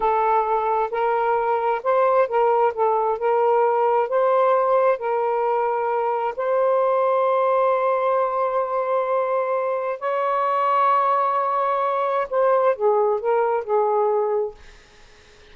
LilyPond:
\new Staff \with { instrumentName = "saxophone" } { \time 4/4 \tempo 4 = 132 a'2 ais'2 | c''4 ais'4 a'4 ais'4~ | ais'4 c''2 ais'4~ | ais'2 c''2~ |
c''1~ | c''2 cis''2~ | cis''2. c''4 | gis'4 ais'4 gis'2 | }